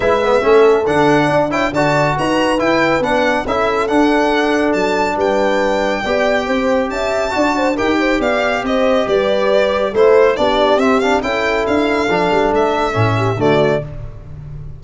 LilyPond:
<<
  \new Staff \with { instrumentName = "violin" } { \time 4/4 \tempo 4 = 139 e''2 fis''4. g''8 | a''4 ais''4 g''4 fis''4 | e''4 fis''2 a''4 | g''1 |
a''2 g''4 f''4 | dis''4 d''2 c''4 | d''4 e''8 f''8 g''4 f''4~ | f''4 e''2 d''4 | }
  \new Staff \with { instrumentName = "horn" } { \time 4/4 b'4 a'2 d''8 cis''8 | d''4 b'2. | a'1 | b'2 d''4 c''4 |
e''4 d''8 c''8 ais'8 c''8 d''4 | c''4 b'2 a'4 | g'2 a'2~ | a'2~ a'8 g'8 fis'4 | }
  \new Staff \with { instrumentName = "trombone" } { \time 4/4 e'8 b8 cis'4 d'4. e'8 | fis'2 e'4 d'4 | e'4 d'2.~ | d'2 g'2~ |
g'4 fis'4 g'2~ | g'2. e'4 | d'4 c'8 d'8 e'2 | d'2 cis'4 a4 | }
  \new Staff \with { instrumentName = "tuba" } { \time 4/4 gis4 a4 d4 d'4 | d4 dis'4 e'4 b4 | cis'4 d'2 fis4 | g2 b4 c'4 |
cis'4 d'4 dis'4 b4 | c'4 g2 a4 | b4 c'4 cis'4 d'4 | f8 g8 a4 a,4 d4 | }
>>